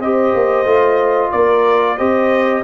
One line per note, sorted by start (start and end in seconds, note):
0.00 0.33 C4
0.00 0.66 G4
0.00 1.32 C5
0.00 1.32 D#5
0.34 0.65 A#3
0.65 1.31 A3
0.65 1.98 F4
1.32 1.99 A#3
1.32 1.98 A#4
1.32 1.98 D5
1.98 2.64 C4
1.98 2.64 G4
1.98 2.64 C5
1.98 2.64 D#5